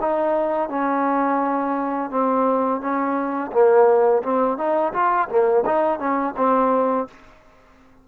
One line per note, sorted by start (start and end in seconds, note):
0.00 0.69 D#4
0.69 2.10 C#4
2.10 2.80 C4
2.80 3.51 C#4
3.52 4.22 A#3
4.23 4.57 C4
4.57 4.93 D#4
4.93 5.28 F4
5.28 5.64 A#3
5.65 5.99 D#4
5.99 6.34 C#4
6.37 7.07 C4